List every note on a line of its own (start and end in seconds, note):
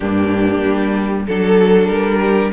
0.00 0.63 G2
0.00 1.27 A#3
0.00 1.25 D4
0.00 1.25 G4
0.64 1.27 G3
1.26 1.88 F#3
1.26 2.52 D4
1.26 2.20 A4
1.26 1.87 A4
1.87 2.51 G3
1.87 2.50 A#4
2.21 2.52 G4